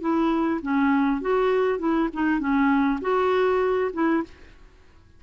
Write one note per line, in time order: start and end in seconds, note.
0.00 0.60 E4
0.62 1.21 C#4
1.21 1.78 F#4
1.78 2.08 E4
2.13 2.39 D#4
2.39 2.99 C#4
3.01 3.91 F#4
3.93 4.23 E4